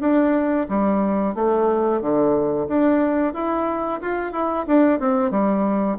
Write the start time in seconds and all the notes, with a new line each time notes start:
0.00 D4
0.68 G3
1.35 A3
2.01 D3
2.68 D4
3.33 E4
4.01 F4
4.32 E4
4.66 D4
4.99 C4
5.30 G3